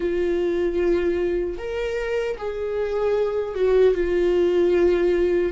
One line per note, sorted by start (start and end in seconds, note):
0.00 1.58 F4
1.58 2.37 A#4
2.37 3.55 G#4
3.55 3.94 F#4
3.94 5.52 F4